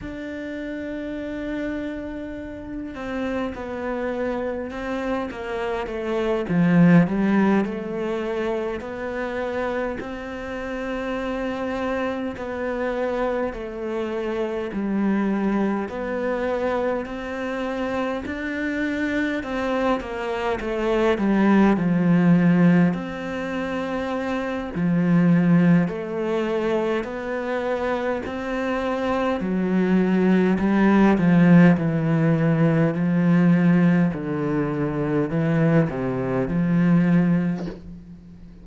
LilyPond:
\new Staff \with { instrumentName = "cello" } { \time 4/4 \tempo 4 = 51 d'2~ d'8 c'8 b4 | c'8 ais8 a8 f8 g8 a4 b8~ | b8 c'2 b4 a8~ | a8 g4 b4 c'4 d'8~ |
d'8 c'8 ais8 a8 g8 f4 c'8~ | c'4 f4 a4 b4 | c'4 fis4 g8 f8 e4 | f4 d4 e8 c8 f4 | }